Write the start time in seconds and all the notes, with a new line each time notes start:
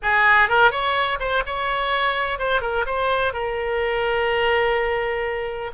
0.02 G#4
0.48 A#4
0.71 C#5
1.19 C5
1.46 C#5
2.38 C5
2.61 A#4
2.85 C5
3.33 A#4